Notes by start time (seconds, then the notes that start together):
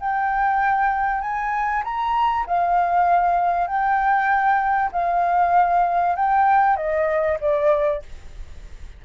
0.00 G5
1.21 G#5
1.84 A#5
2.46 F5
3.67 G5
4.92 F5
6.16 G5
6.76 D#5
7.41 D5